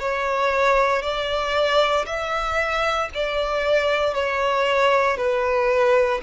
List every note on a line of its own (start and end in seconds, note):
0.00 1.03 C#5
1.03 2.06 D5
2.06 3.09 E5
3.14 4.15 D5
4.15 5.17 C#5
5.17 6.21 B4